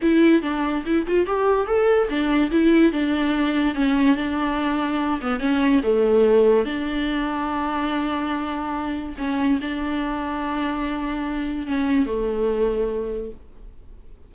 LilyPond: \new Staff \with { instrumentName = "viola" } { \time 4/4 \tempo 4 = 144 e'4 d'4 e'8 f'8 g'4 | a'4 d'4 e'4 d'4~ | d'4 cis'4 d'2~ | d'8 b8 cis'4 a2 |
d'1~ | d'2 cis'4 d'4~ | d'1 | cis'4 a2. | }